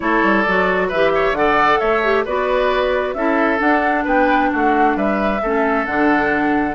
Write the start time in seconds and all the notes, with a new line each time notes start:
0.00 A3 E4 A4 C#5
0.23 G3
0.42 F#3 F#4 D5
0.88 E3 G4 B4 E5
1.14 C#5
1.31 D3 A4 F#5
1.37 D5
1.79 A3 C#5 E5
2.03 G4
2.24 B3 F#4 B4 D5
3.13 C#4 E4 A4 E5
3.58 D4 F#5
4.04 B3 B4 G5
4.52 A3 F#4 F#5
4.96 G3 B4 E5
5.42 A3 C#4 A4
5.85 D3 D4 F#5